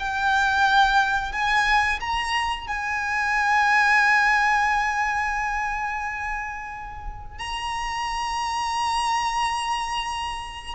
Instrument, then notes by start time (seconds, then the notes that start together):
violin
0.00 G5
1.33 G#5
2.01 A#5
2.68 G#5
7.39 A#5